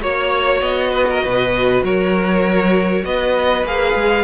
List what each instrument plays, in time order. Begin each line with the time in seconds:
0.00 cello A#3, viola F#4, violin C#5
0.61 cello B3, violin D#5
0.91 violin B4
1.10 violin A#4
1.23 cello B2, violin B4
1.82 cello F#3, violin A#4 C#5
3.05 cello B3, violin B4 D#5
3.64 cello A#3, viola G#4, violin F5
3.94 cello G#3